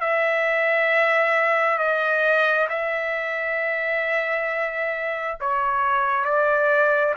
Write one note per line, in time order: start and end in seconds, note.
0.00 1.78 E5
1.78 2.67 D#5
2.69 5.38 E5
5.40 6.24 C#5
6.24 7.14 D5